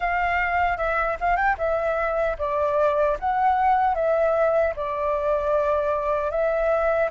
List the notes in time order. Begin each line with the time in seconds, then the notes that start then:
0.00 F5
0.77 E5
1.20 F5
1.36 G5
1.58 E5
2.38 D5
3.19 F#5
3.94 E5
4.76 D5
6.31 E5